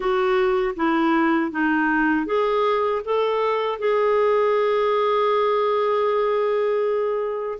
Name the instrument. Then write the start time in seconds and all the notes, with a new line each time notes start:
clarinet
0.00 F#4
0.76 E4
1.51 D#4
2.26 G#4
3.04 A4
3.78 G#4